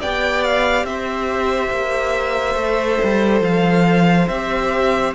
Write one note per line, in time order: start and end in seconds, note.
0.00 0.84 B3
0.00 2.55 G4
0.00 0.86 D5
0.00 0.44 G5
0.44 0.85 F5
0.84 1.70 C4
0.84 5.14 C5
0.84 3.42 E5
1.71 2.55 A#3
2.55 2.98 A3
2.55 4.26 A4
3.04 3.41 G3
3.41 4.27 F3
3.41 4.28 F5
4.28 5.14 C4
4.28 5.14 G4
4.28 5.14 E5